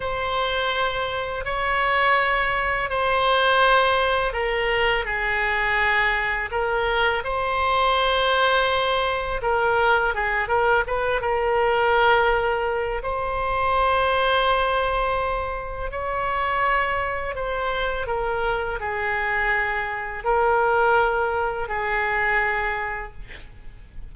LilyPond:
\new Staff \with { instrumentName = "oboe" } { \time 4/4 \tempo 4 = 83 c''2 cis''2 | c''2 ais'4 gis'4~ | gis'4 ais'4 c''2~ | c''4 ais'4 gis'8 ais'8 b'8 ais'8~ |
ais'2 c''2~ | c''2 cis''2 | c''4 ais'4 gis'2 | ais'2 gis'2 | }